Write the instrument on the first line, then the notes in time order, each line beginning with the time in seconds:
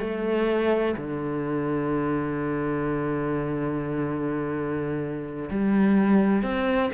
cello
0.00 A3
0.97 D3
5.50 G3
6.43 C4